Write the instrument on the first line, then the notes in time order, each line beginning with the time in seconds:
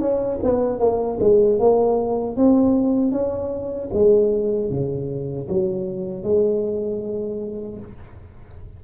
tuba
0.00 C#4
0.43 B3
0.79 A#3
1.20 G#3
1.59 A#3
2.37 C4
3.12 C#4
3.94 G#3
4.70 C#3
5.49 F#3
6.23 G#3